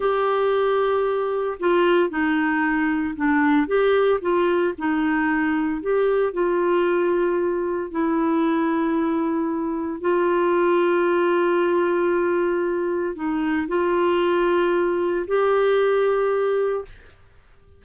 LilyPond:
\new Staff \with { instrumentName = "clarinet" } { \time 4/4 \tempo 4 = 114 g'2. f'4 | dis'2 d'4 g'4 | f'4 dis'2 g'4 | f'2. e'4~ |
e'2. f'4~ | f'1~ | f'4 dis'4 f'2~ | f'4 g'2. | }